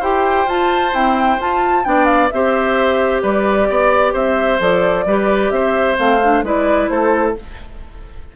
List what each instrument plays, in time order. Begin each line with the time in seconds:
0.00 bassoon E4, clarinet G4, oboe C5, flute G5
0.46 bassoon F4, clarinet F4, flute A5
0.93 clarinet C4, bassoon E4, flute G5
1.40 clarinet F4, bassoon F4, flute A5
1.84 bassoon B3, clarinet D4, oboe D5, flute G5
2.06 flute F5
2.30 bassoon C4, clarinet G4, oboe C5, flute E5
3.22 bassoon G3, oboe B4, flute D5
3.70 bassoon B3, oboe D5
4.13 bassoon C4, oboe C5, flute E5
4.59 bassoon F3, clarinet A4, flute D5
5.06 bassoon G3, clarinet G4, oboe B4
5.51 bassoon C4, oboe C5, flute E5
5.96 bassoon A3, clarinet C4, flute F5
6.23 clarinet D4
6.43 bassoon G#3, clarinet E4, oboe B4, flute D5
6.89 bassoon A3, oboe A4, flute C5